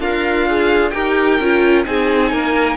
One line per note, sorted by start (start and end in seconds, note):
0.00 0.92 D4
0.00 0.93 F4
0.00 0.47 A#4
0.00 0.91 F5
0.47 0.93 G#4
0.91 1.40 D#4
0.91 1.40 G4
0.91 1.87 A#4
0.91 1.83 G5
1.40 1.86 C#4
1.40 1.86 F4
1.85 2.33 C4
1.85 2.77 D#4
1.85 2.32 G#4
1.85 2.77 G#5
2.32 2.77 A#3
2.32 2.77 A#4